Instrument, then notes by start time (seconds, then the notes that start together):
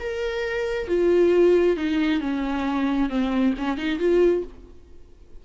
viola
0.00 A#4
0.88 F4
1.77 D#4
2.21 C#4
3.09 C4
3.58 C#4
3.78 D#4
3.99 F4